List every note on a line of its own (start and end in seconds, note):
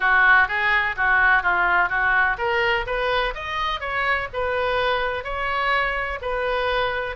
0.00 0.47 F#4
0.47 0.95 G#4
0.96 1.42 F#4
1.42 1.89 F4
1.89 2.36 F#4
2.38 2.85 A#4
2.86 3.34 B4
3.34 3.80 D#5
3.80 4.28 C#5
4.33 5.24 B4
5.24 6.19 C#5
6.21 7.16 B4